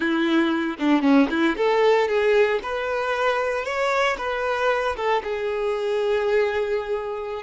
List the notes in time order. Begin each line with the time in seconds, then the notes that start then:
0.00 E4
0.78 D4
1.02 C#4
1.29 E4
1.57 A4
2.08 G#4
2.62 B4
3.64 C#5
4.17 B4
4.96 A4
5.23 G#4